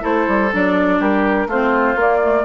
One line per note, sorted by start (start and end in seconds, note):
0.00 0.27 A3
0.00 0.48 E4
0.00 0.98 A4
0.00 0.53 C5
0.27 0.52 G3
0.53 1.00 F#3
0.53 1.49 D4
0.53 1.01 D5
0.99 1.46 G3
0.99 1.47 G4
0.99 1.49 A#4
1.46 1.95 A3
1.46 1.97 C4
1.46 2.45 F4
1.46 1.99 C5
1.96 2.44 A#3
1.96 2.22 A#3
1.96 2.45 D5
2.22 2.45 A3